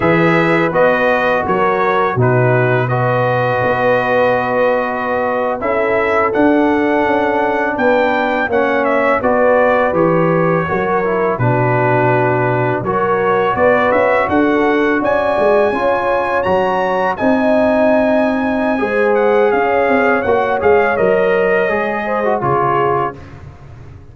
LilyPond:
<<
  \new Staff \with { instrumentName = "trumpet" } { \time 4/4 \tempo 4 = 83 e''4 dis''4 cis''4 b'4 | dis''2.~ dis''8. e''16~ | e''8. fis''2 g''4 fis''16~ | fis''16 e''8 d''4 cis''2 b'16~ |
b'4.~ b'16 cis''4 d''8 e''8 fis''16~ | fis''8. gis''2 ais''4 gis''16~ | gis''2~ gis''8 fis''8 f''4 | fis''8 f''8 dis''2 cis''4 | }
  \new Staff \with { instrumentName = "horn" } { \time 4/4 b'2 ais'4 fis'4 | b'2.~ b'8. a'16~ | a'2~ a'8. b'4 cis''16~ | cis''8. b'2 ais'4 fis'16~ |
fis'4.~ fis'16 ais'4 b'4 a'16~ | a'8. d''4 cis''2 dis''16~ | dis''2 c''4 cis''4~ | cis''2~ cis''8 c''8 gis'4 | }
  \new Staff \with { instrumentName = "trombone" } { \time 4/4 gis'4 fis'2 dis'4 | fis'2.~ fis'8. e'16~ | e'8. d'2. cis'16~ | cis'8. fis'4 g'4 fis'8 e'8 d'16~ |
d'4.~ d'16 fis'2~ fis'16~ | fis'4.~ fis'16 f'4 fis'4 dis'16~ | dis'2 gis'2 | fis'8 gis'8 ais'4 gis'8. fis'16 f'4 | }
  \new Staff \with { instrumentName = "tuba" } { \time 4/4 e4 b4 fis4 b,4~ | b,4 b2~ b8. cis'16~ | cis'8. d'4 cis'4 b4 ais16~ | ais8. b4 e4 fis4 b,16~ |
b,4.~ b,16 fis4 b8 cis'8 d'16~ | d'8. cis'8 gis8 cis'4 fis4 c'16~ | c'2 gis4 cis'8 c'8 | ais8 gis8 fis4 gis4 cis4 | }
>>